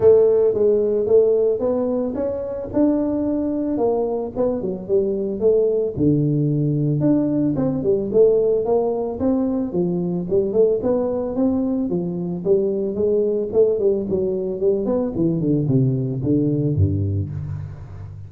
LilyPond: \new Staff \with { instrumentName = "tuba" } { \time 4/4 \tempo 4 = 111 a4 gis4 a4 b4 | cis'4 d'2 ais4 | b8 fis8 g4 a4 d4~ | d4 d'4 c'8 g8 a4 |
ais4 c'4 f4 g8 a8 | b4 c'4 f4 g4 | gis4 a8 g8 fis4 g8 b8 | e8 d8 c4 d4 g,4 | }